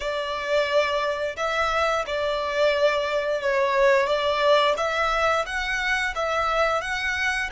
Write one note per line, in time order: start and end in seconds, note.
0.00 1.36 D5
1.36 2.04 E5
2.06 3.41 D5
3.41 4.06 C#5
4.06 4.74 D5
4.77 5.45 E5
5.45 6.14 F#5
6.15 6.81 E5
6.81 7.49 F#5